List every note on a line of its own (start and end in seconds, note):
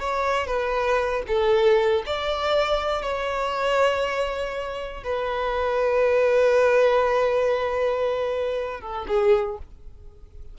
0.00 0.47 C#5
0.47 1.23 B4
1.28 2.04 A4
2.06 3.02 D5
3.02 5.04 C#5
5.04 8.81 B4
8.81 9.06 A4
9.08 9.58 G#4